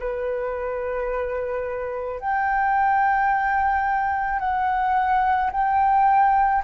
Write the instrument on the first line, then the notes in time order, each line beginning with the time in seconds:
flute
0.00 B4
2.20 G5
4.40 F#5
5.52 G5